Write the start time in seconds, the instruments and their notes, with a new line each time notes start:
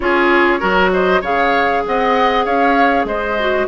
0.00 bassoon C#4, clarinet F4, oboe G#4, flute C#5
0.59 bassoon F#3, clarinet F#4, oboe A#4
0.92 oboe C5, flute D#5
1.21 bassoon C#3, clarinet G#4, oboe C#5, flute F5
1.85 bassoon C4, oboe D#5, flute F#5
2.44 bassoon C#4, oboe C#5, flute F5
3.04 bassoon G#3, oboe C5, flute D#5
3.39 clarinet F#4